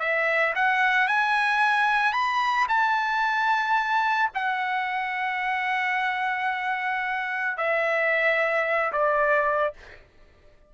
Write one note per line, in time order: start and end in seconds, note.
0.00 0.54 E5
0.56 1.08 F#5
1.08 2.13 G#5
2.13 2.67 B5
2.69 4.31 A5
4.35 7.57 F#5
7.57 8.93 E5
8.93 9.74 D5